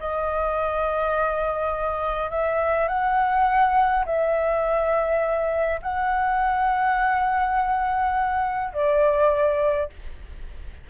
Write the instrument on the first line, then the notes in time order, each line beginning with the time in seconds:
flute
0.00 D#5
2.31 E5
2.88 F#5
4.06 E5
5.83 F#5
8.73 D5